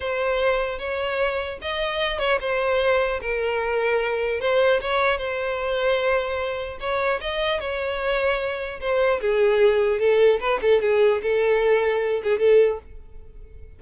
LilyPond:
\new Staff \with { instrumentName = "violin" } { \time 4/4 \tempo 4 = 150 c''2 cis''2 | dis''4. cis''8 c''2 | ais'2. c''4 | cis''4 c''2.~ |
c''4 cis''4 dis''4 cis''4~ | cis''2 c''4 gis'4~ | gis'4 a'4 b'8 a'8 gis'4 | a'2~ a'8 gis'8 a'4 | }